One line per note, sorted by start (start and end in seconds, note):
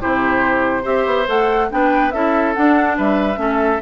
0.00 0.85 C3
0.00 0.83 E4
0.00 0.82 G4
0.00 0.85 C5
0.82 1.06 C4
0.82 1.25 G4
0.82 1.67 C5
0.82 1.27 E5
1.06 1.27 B3
1.26 1.70 A3
1.26 1.69 A4
1.26 1.70 F#5
1.69 2.13 B3
1.69 2.12 D4
1.69 2.14 B4
1.69 2.11 G5
2.11 2.55 C#4
2.11 2.55 E4
2.11 2.97 A4
2.11 2.53 E5
2.54 3.35 D4
2.54 2.98 D4
2.54 2.96 F#5
2.97 3.37 G3
2.97 3.39 B4
2.97 3.82 E5
3.35 3.79 A3
3.35 3.77 C#4
3.35 3.82 A4